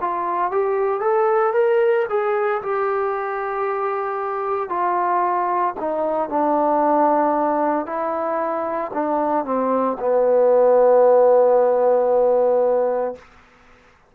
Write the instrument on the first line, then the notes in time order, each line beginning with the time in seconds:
trombone
0.00 F4
0.51 G4
1.00 A4
1.53 A#4
2.09 G#4
2.62 G4
4.69 F4
5.79 D#4
6.29 D4
7.86 E4
8.93 D4
9.44 C4
9.99 B3